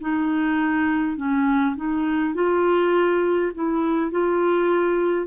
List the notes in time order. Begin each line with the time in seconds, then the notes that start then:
0.00 D#4
1.17 C#4
1.76 D#4
2.34 F4
3.54 E4
4.11 F4